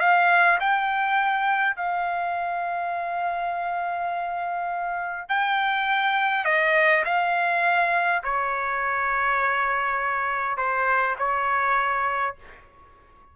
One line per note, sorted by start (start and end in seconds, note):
0.00 0.59 F5
0.60 1.76 G5
1.76 5.29 F5
5.29 6.45 G5
6.45 7.04 D#5
7.05 8.22 F5
8.24 10.57 C#5
10.57 11.16 C5
11.19 12.36 C#5